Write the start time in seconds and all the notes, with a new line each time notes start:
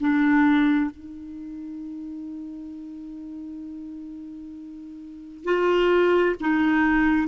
0.00 D4
0.91 D#4
5.45 F4
6.41 D#4